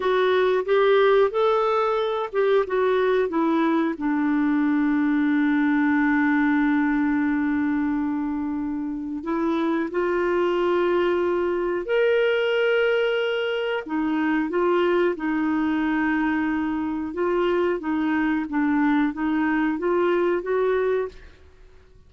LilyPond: \new Staff \with { instrumentName = "clarinet" } { \time 4/4 \tempo 4 = 91 fis'4 g'4 a'4. g'8 | fis'4 e'4 d'2~ | d'1~ | d'2 e'4 f'4~ |
f'2 ais'2~ | ais'4 dis'4 f'4 dis'4~ | dis'2 f'4 dis'4 | d'4 dis'4 f'4 fis'4 | }